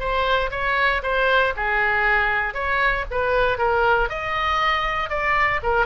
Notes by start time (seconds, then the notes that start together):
0.00 C5
0.52 C#5
1.03 C5
1.57 G#4
2.54 C#5
3.11 B4
3.59 A#4
4.10 D#5
5.10 D5
5.63 A#4